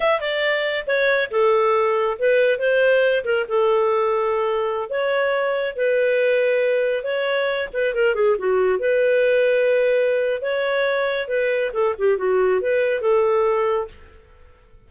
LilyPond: \new Staff \with { instrumentName = "clarinet" } { \time 4/4 \tempo 4 = 138 e''8 d''4. cis''4 a'4~ | a'4 b'4 c''4. ais'8 | a'2.~ a'16 cis''8.~ | cis''4~ cis''16 b'2~ b'8.~ |
b'16 cis''4. b'8 ais'8 gis'8 fis'8.~ | fis'16 b'2.~ b'8. | cis''2 b'4 a'8 g'8 | fis'4 b'4 a'2 | }